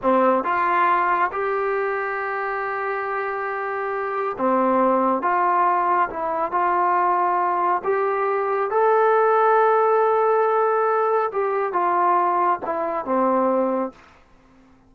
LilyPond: \new Staff \with { instrumentName = "trombone" } { \time 4/4 \tempo 4 = 138 c'4 f'2 g'4~ | g'1~ | g'2 c'2 | f'2 e'4 f'4~ |
f'2 g'2 | a'1~ | a'2 g'4 f'4~ | f'4 e'4 c'2 | }